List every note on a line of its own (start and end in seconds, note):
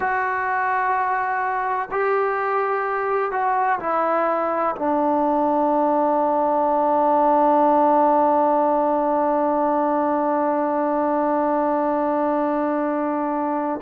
0.00 1.89 F#4
1.90 3.31 G4
3.31 3.79 F#4
3.79 4.74 E4
4.75 13.80 D4